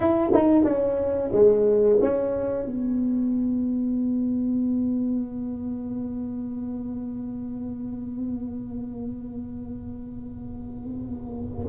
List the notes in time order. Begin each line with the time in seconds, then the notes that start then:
0.00 E4
0.33 D#4
0.64 C#4
1.32 G#3
2.01 C#4
2.65 B3